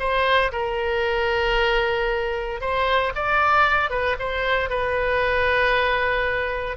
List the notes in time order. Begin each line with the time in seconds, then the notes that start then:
0.00 C5
0.53 A#4
2.61 C5
3.15 D5
3.90 B4
4.20 C5
4.70 B4